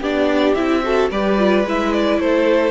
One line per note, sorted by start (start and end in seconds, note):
0.00 0.55 B3
0.00 0.56 D4
0.00 0.82 G4
0.00 0.54 D5
0.54 1.10 C4
0.54 0.83 E4
0.54 1.09 E5
0.84 1.11 F#4
0.84 1.11 A4
1.10 1.64 G3
1.10 1.38 G4
1.10 2.20 B4
1.10 1.66 D5
1.38 1.65 F4
1.64 2.19 G#3
1.64 2.71 E4
1.64 1.93 E5
1.93 2.20 D5
2.19 2.71 A3
2.19 2.71 A4
2.19 2.71 C5